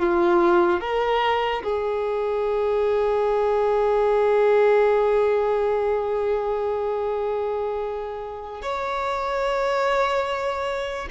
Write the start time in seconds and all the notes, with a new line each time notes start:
0.00 F4
0.81 A#4
1.64 G#4
8.62 C#5